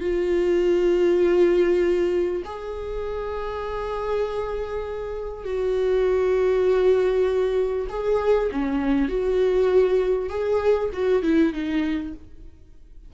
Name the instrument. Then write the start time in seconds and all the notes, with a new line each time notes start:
viola
0.00 F4
2.45 G#4
5.44 F#4
7.89 G#4
8.51 C#4
9.08 F#4
10.29 G#4
10.93 F#4
11.22 E4
11.52 D#4